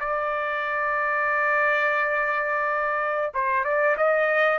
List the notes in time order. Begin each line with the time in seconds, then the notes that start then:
0.00 D5
3.34 C5
3.64 D5
3.97 D#5